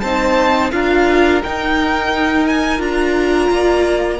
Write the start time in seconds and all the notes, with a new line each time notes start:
0.00 C4 D#4 C5 A5
0.71 D4 F4 A#4 F5
1.43 D#4 G5
2.46 G#5
2.78 D4 F4 A#5
3.49 A#3 D5